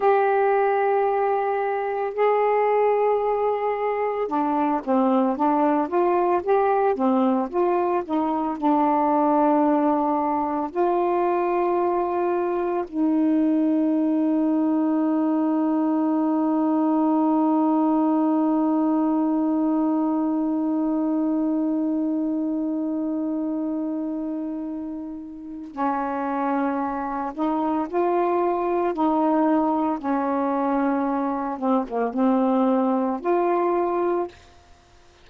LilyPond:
\new Staff \with { instrumentName = "saxophone" } { \time 4/4 \tempo 4 = 56 g'2 gis'2 | d'8 c'8 d'8 f'8 g'8 c'8 f'8 dis'8 | d'2 f'2 | dis'1~ |
dis'1~ | dis'1 | cis'4. dis'8 f'4 dis'4 | cis'4. c'16 ais16 c'4 f'4 | }